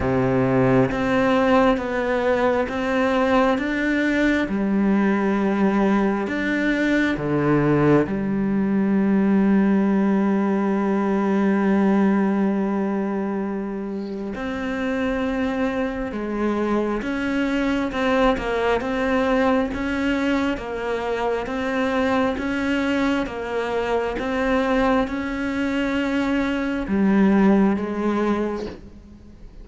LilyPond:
\new Staff \with { instrumentName = "cello" } { \time 4/4 \tempo 4 = 67 c4 c'4 b4 c'4 | d'4 g2 d'4 | d4 g2.~ | g1 |
c'2 gis4 cis'4 | c'8 ais8 c'4 cis'4 ais4 | c'4 cis'4 ais4 c'4 | cis'2 g4 gis4 | }